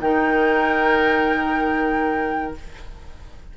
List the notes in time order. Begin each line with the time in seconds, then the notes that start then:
0.00 D#3 D#4 A#4 G5